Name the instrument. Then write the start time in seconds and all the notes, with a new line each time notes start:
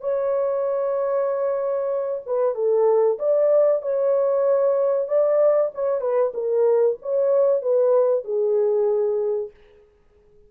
horn
0.00 C#5
2.26 B4
2.55 A4
3.19 D5
3.82 C#5
5.08 D5
5.74 C#5
6.01 B4
6.34 A#4
7.02 C#5
7.62 B4
8.24 G#4